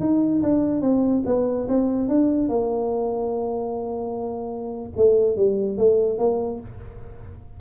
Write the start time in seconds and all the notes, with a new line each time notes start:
0.00 D#4
0.43 D4
0.81 C4
1.26 B3
1.69 C4
2.08 D4
2.49 A#3
4.96 A3
5.37 G3
5.78 A3
6.18 A#3